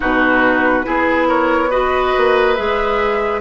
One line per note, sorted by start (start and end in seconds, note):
0.00 0.86 B2
0.00 0.83 D#4
0.00 0.86 F#4
0.00 1.28 B4
0.83 2.15 B3
0.83 1.69 E4
0.83 1.27 G#4
1.27 1.69 A#4
1.27 1.71 C#5
1.69 2.56 F#4
1.69 3.41 B4
1.69 2.55 D#5
2.17 2.59 A#3
2.55 3.41 G#3
2.55 3.41 G#4
2.55 3.41 E5